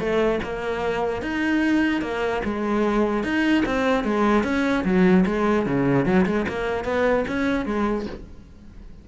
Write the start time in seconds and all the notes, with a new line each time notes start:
0.00 A3
0.44 A#3
1.22 D#4
2.02 A#3
2.45 G#3
3.24 D#4
3.66 C4
4.04 G#3
4.44 C#4
4.85 F#3
5.26 G#3
5.66 C#3
6.06 F#3
6.26 G#3
6.49 A#3
6.85 B3
7.28 C#4
7.66 G#3